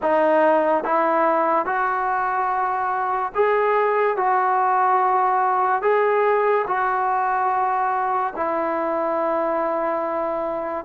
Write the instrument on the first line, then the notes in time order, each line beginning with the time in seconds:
trombone
0.02 D#4
0.83 E4
1.65 F#4
3.34 G#4
4.17 F#4
5.82 G#4
6.67 F#4
8.36 E4